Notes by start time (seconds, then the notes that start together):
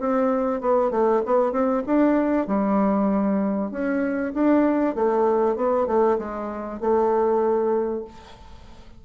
0.00 C4
0.61 B3
0.91 A3
1.26 B3
1.52 C4
1.87 D4
2.48 G3
3.72 C#4
4.35 D4
4.96 A3
5.56 B3
5.87 A3
6.19 G#3
6.81 A3